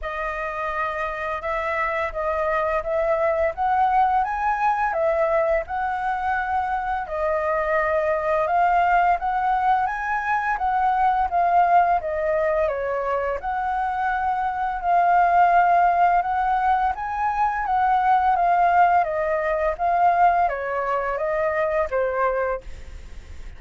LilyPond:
\new Staff \with { instrumentName = "flute" } { \time 4/4 \tempo 4 = 85 dis''2 e''4 dis''4 | e''4 fis''4 gis''4 e''4 | fis''2 dis''2 | f''4 fis''4 gis''4 fis''4 |
f''4 dis''4 cis''4 fis''4~ | fis''4 f''2 fis''4 | gis''4 fis''4 f''4 dis''4 | f''4 cis''4 dis''4 c''4 | }